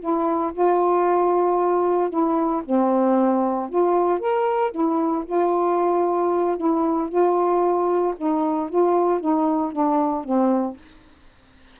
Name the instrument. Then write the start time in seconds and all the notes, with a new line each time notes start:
saxophone
0.00 E4
0.53 F4
2.10 E4
2.65 C4
3.70 F4
4.20 A#4
4.72 E4
5.26 F4
6.57 E4
7.09 F4
8.17 D#4
8.70 F4
9.20 D#4
9.72 D4
10.25 C4